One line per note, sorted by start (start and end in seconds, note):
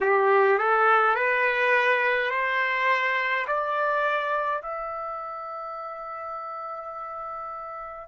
0.01 0.58 G4
0.58 1.15 A4
1.15 2.30 B4
2.30 3.46 C5
3.47 4.62 D5
4.62 8.08 E5